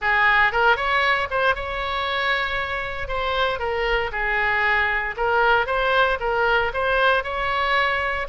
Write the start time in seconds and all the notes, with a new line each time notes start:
0.01 G#4
0.52 A#4
0.76 C#5
1.30 C5
1.55 C#5
3.08 C5
3.59 A#4
4.11 G#4
5.17 A#4
5.66 C5
6.20 A#4
6.73 C5
7.23 C#5